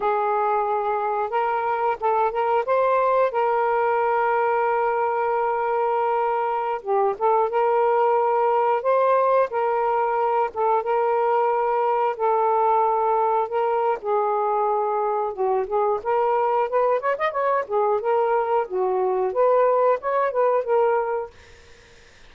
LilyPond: \new Staff \with { instrumentName = "saxophone" } { \time 4/4 \tempo 4 = 90 gis'2 ais'4 a'8 ais'8 | c''4 ais'2.~ | ais'2~ ais'16 g'8 a'8 ais'8.~ | ais'4~ ais'16 c''4 ais'4. a'16~ |
a'16 ais'2 a'4.~ a'16~ | a'16 ais'8. gis'2 fis'8 gis'8 | ais'4 b'8 cis''16 dis''16 cis''8 gis'8 ais'4 | fis'4 b'4 cis''8 b'8 ais'4 | }